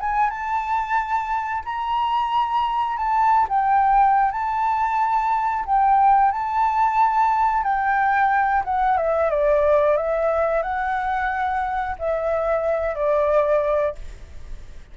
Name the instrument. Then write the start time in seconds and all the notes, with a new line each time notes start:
flute
0.00 G#5
0.30 A5
1.65 A#5
2.97 A5
3.49 G5
4.32 A5
5.66 G5
6.32 A5
7.63 G5
8.65 F#5
8.97 E5
9.30 D5
9.97 E5
10.63 F#5
11.99 E5
12.95 D5